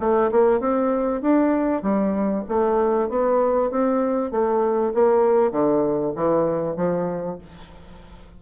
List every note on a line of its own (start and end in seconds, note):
0.00 0.31 A3
0.32 0.60 A#3
0.60 1.22 C4
1.22 1.82 D4
1.82 2.44 G3
2.49 3.10 A3
3.10 3.71 B3
3.71 4.31 C4
4.31 4.93 A3
4.94 5.52 A#3
5.52 6.14 D3
6.16 6.77 E3
6.77 7.38 F3